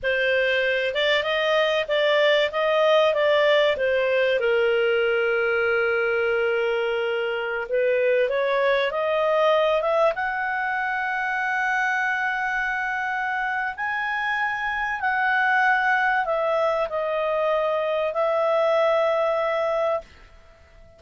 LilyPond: \new Staff \with { instrumentName = "clarinet" } { \time 4/4 \tempo 4 = 96 c''4. d''8 dis''4 d''4 | dis''4 d''4 c''4 ais'4~ | ais'1~ | ais'16 b'4 cis''4 dis''4. e''16~ |
e''16 fis''2.~ fis''8.~ | fis''2 gis''2 | fis''2 e''4 dis''4~ | dis''4 e''2. | }